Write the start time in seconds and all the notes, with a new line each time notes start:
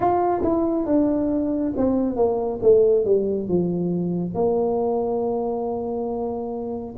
0.00 F4
0.43 E4
0.86 D4
1.76 C4
2.15 A#3
2.62 A3
3.04 G3
3.48 F3
4.34 A#3